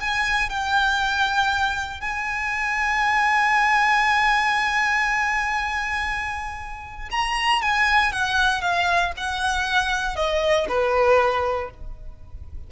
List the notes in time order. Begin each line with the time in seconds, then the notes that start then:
0.00 G#5
0.49 G5
2.00 G#5
7.11 A#5
7.62 G#5
8.12 F#5
8.61 F5
9.17 F#5
10.16 D#5
10.68 B4